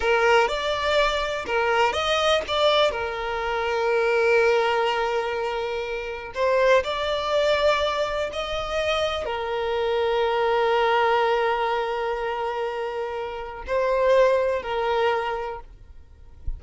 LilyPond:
\new Staff \with { instrumentName = "violin" } { \time 4/4 \tempo 4 = 123 ais'4 d''2 ais'4 | dis''4 d''4 ais'2~ | ais'1~ | ais'4 c''4 d''2~ |
d''4 dis''2 ais'4~ | ais'1~ | ais'1 | c''2 ais'2 | }